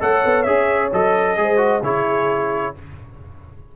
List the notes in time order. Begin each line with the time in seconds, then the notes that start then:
0.00 A3 A4 C#5 F#5
0.25 B3
0.43 C#4 G#4 E5
0.93 F#3 A4 D#5
1.37 G#3 G#4 C5
1.58 F#4
1.83 C#3 E4 G#4 C#5